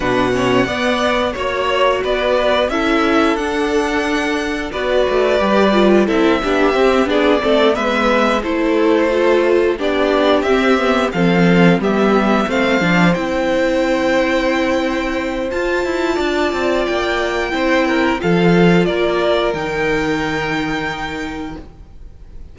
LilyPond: <<
  \new Staff \with { instrumentName = "violin" } { \time 4/4 \tempo 4 = 89 fis''2 cis''4 d''4 | e''4 fis''2 d''4~ | d''4 e''4. d''4 e''8~ | e''8 c''2 d''4 e''8~ |
e''8 f''4 e''4 f''4 g''8~ | g''2. a''4~ | a''4 g''2 f''4 | d''4 g''2. | }
  \new Staff \with { instrumentName = "violin" } { \time 4/4 b'8 cis''8 d''4 cis''4 b'4 | a'2. b'4~ | b'4 a'8 g'4 gis'8 a'8 b'8~ | b'8 a'2 g'4.~ |
g'8 a'4 g'4 c''4.~ | c''1 | d''2 c''8 ais'8 a'4 | ais'1 | }
  \new Staff \with { instrumentName = "viola" } { \time 4/4 d'8 cis'8 b4 fis'2 | e'4 d'2 fis'4 | g'8 f'8 e'8 d'8 c'8 d'8 c'8 b8~ | b8 e'4 f'4 d'4 c'8 |
b8 c'4 b4 c'8 d'8 e'8~ | e'2. f'4~ | f'2 e'4 f'4~ | f'4 dis'2. | }
  \new Staff \with { instrumentName = "cello" } { \time 4/4 b,4 b4 ais4 b4 | cis'4 d'2 b8 a8 | g4 c'8 b8 c'8 b8 a8 gis8~ | gis8 a2 b4 c'8~ |
c'8 f4 g4 a8 f8 c'8~ | c'2. f'8 e'8 | d'8 c'8 ais4 c'4 f4 | ais4 dis2. | }
>>